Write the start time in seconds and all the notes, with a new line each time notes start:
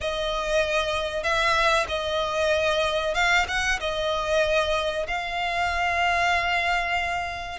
0.01 D#5
1.23 E5
1.88 D#5
3.14 F5
3.48 F#5
3.80 D#5
5.07 F5